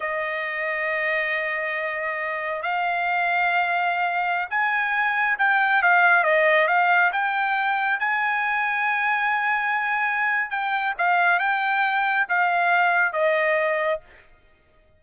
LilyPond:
\new Staff \with { instrumentName = "trumpet" } { \time 4/4 \tempo 4 = 137 dis''1~ | dis''2 f''2~ | f''2~ f''16 gis''4.~ gis''16~ | gis''16 g''4 f''4 dis''4 f''8.~ |
f''16 g''2 gis''4.~ gis''16~ | gis''1 | g''4 f''4 g''2 | f''2 dis''2 | }